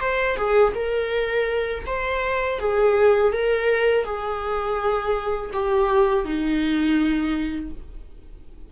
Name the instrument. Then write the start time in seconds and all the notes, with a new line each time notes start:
viola
0.00 C5
0.36 G#4
0.75 A#4
1.86 C5
2.59 G#4
3.32 A#4
4.04 G#4
5.53 G4
6.25 D#4